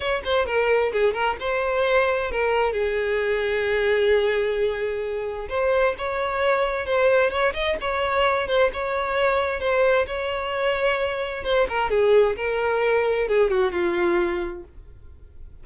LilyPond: \new Staff \with { instrumentName = "violin" } { \time 4/4 \tempo 4 = 131 cis''8 c''8 ais'4 gis'8 ais'8 c''4~ | c''4 ais'4 gis'2~ | gis'1 | c''4 cis''2 c''4 |
cis''8 dis''8 cis''4. c''8 cis''4~ | cis''4 c''4 cis''2~ | cis''4 c''8 ais'8 gis'4 ais'4~ | ais'4 gis'8 fis'8 f'2 | }